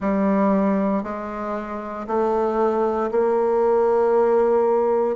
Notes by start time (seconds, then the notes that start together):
0.00 G3
1.03 G#3
2.07 A3
3.11 A#3